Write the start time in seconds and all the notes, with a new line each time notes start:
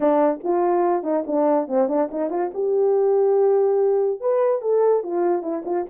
0.00 D4
0.43 F4
1.03 D#4
1.26 D4
1.68 C4
1.88 D4
2.11 D#4
2.30 F4
2.54 G4
4.20 B4
4.61 A4
5.03 F4
5.42 E4
5.65 F4